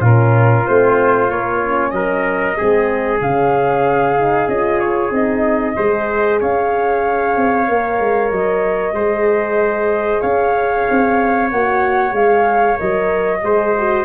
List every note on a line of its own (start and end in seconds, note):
0.00 0.64 A#2
0.00 0.64 C#4
0.00 1.92 F4
0.00 0.67 A#4
0.65 1.30 A3
0.65 1.28 C4
0.65 1.30 C5
1.28 1.60 A#3
1.28 1.92 A#3
1.28 1.91 C#5
1.61 2.56 C#4
1.91 2.56 F#3
1.91 2.57 A#4
1.91 3.18 D#5
2.57 3.20 G#3
2.57 3.21 C4
2.57 5.76 G#4
3.20 4.48 C#3
3.20 4.17 C#4
3.20 4.49 F5
4.17 4.49 D#4
4.48 5.11 C#4
4.48 5.11 F4
4.48 4.80 D#5
4.80 5.12 C#5
5.11 5.75 C4
5.11 5.75 D#4
5.11 6.41 D#5
5.76 6.41 G#3
5.76 7.67 G#4
5.76 6.40 C5
6.40 7.37 C#4
6.40 8.95 C#5
6.40 8.32 F5
7.37 7.68 C4
7.68 8.00 A#3
7.68 8.96 A#4
8.00 8.31 G#3
8.31 8.93 F#3
8.31 10.21 D#5
8.93 10.20 G#3
8.93 11.52 G#4
8.93 10.20 C5
10.20 10.87 C#4
10.20 13.40 C#5
10.20 11.49 F5
10.90 11.52 C4
11.51 12.13 A#3
11.51 12.11 F#4
11.51 12.14 F#5
12.11 12.77 G#3
12.11 12.75 G#4
12.11 12.78 F5
12.76 13.43 F#3
12.76 13.40 A#4
12.76 14.05 D#5
13.43 14.05 G#3
13.43 13.76 G#4
13.43 14.05 C5
13.78 14.05 F#4